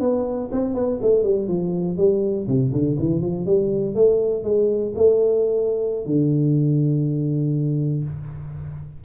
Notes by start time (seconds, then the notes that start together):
0.00 B3
0.52 C4
0.75 B3
1.02 A3
1.23 G3
1.48 F3
1.97 G3
2.47 C3
2.73 D3
2.99 E3
3.21 F3
3.46 G3
3.95 A3
4.44 G#3
4.95 A3
6.06 D3